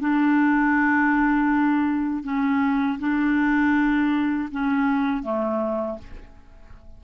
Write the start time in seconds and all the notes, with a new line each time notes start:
0.00 D4
2.23 C#4
2.99 D4
4.51 C#4
5.23 A3